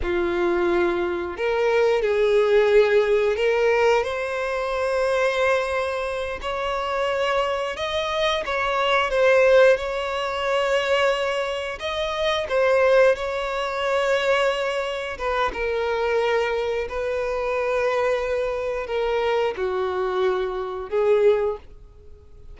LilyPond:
\new Staff \with { instrumentName = "violin" } { \time 4/4 \tempo 4 = 89 f'2 ais'4 gis'4~ | gis'4 ais'4 c''2~ | c''4. cis''2 dis''8~ | dis''8 cis''4 c''4 cis''4.~ |
cis''4. dis''4 c''4 cis''8~ | cis''2~ cis''8 b'8 ais'4~ | ais'4 b'2. | ais'4 fis'2 gis'4 | }